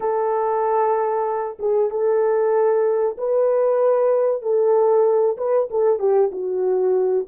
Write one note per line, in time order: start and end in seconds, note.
0.00 1.57 A4
1.59 1.90 G#4
1.90 3.16 A4
3.18 4.42 B4
4.42 5.37 A4
5.37 5.68 B4
5.70 5.99 A4
5.99 6.30 G4
6.31 7.26 F#4